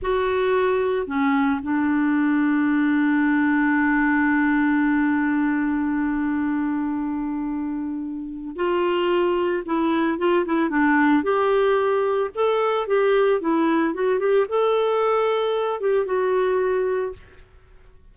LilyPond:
\new Staff \with { instrumentName = "clarinet" } { \time 4/4 \tempo 4 = 112 fis'2 cis'4 d'4~ | d'1~ | d'1~ | d'1 |
f'2 e'4 f'8 e'8 | d'4 g'2 a'4 | g'4 e'4 fis'8 g'8 a'4~ | a'4. g'8 fis'2 | }